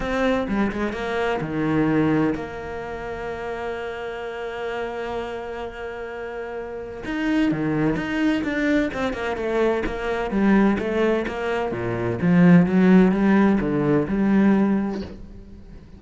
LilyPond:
\new Staff \with { instrumentName = "cello" } { \time 4/4 \tempo 4 = 128 c'4 g8 gis8 ais4 dis4~ | dis4 ais2.~ | ais1~ | ais2. dis'4 |
dis4 dis'4 d'4 c'8 ais8 | a4 ais4 g4 a4 | ais4 ais,4 f4 fis4 | g4 d4 g2 | }